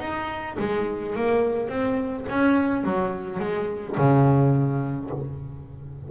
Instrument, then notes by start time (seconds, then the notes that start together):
double bass
0.00 D#4
0.59 G#3
1.16 A#3
1.69 C4
2.29 C#4
2.84 F#3
3.39 G#3
3.97 C#3